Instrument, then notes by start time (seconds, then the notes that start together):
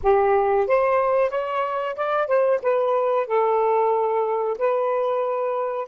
saxophone
0.02 G4
0.67 C5
1.30 C#5
1.95 D5
2.27 C5
2.62 B4
3.26 A4
4.58 B4